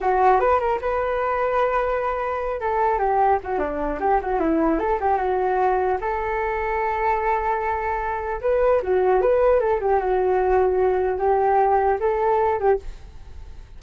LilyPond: \new Staff \with { instrumentName = "flute" } { \time 4/4 \tempo 4 = 150 fis'4 b'8 ais'8 b'2~ | b'2~ b'8 a'4 g'8~ | g'8 fis'8 d'4 g'8 fis'8 e'4 | a'8 g'8 fis'2 a'4~ |
a'1~ | a'4 b'4 fis'4 b'4 | a'8 g'8 fis'2. | g'2 a'4. g'8 | }